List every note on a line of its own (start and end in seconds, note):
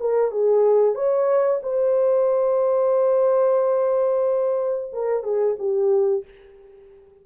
0.00 0.31 A#4
0.31 0.95 G#4
0.95 1.61 C#5
1.63 4.92 C5
4.93 5.23 A#4
5.23 5.56 G#4
5.59 6.25 G4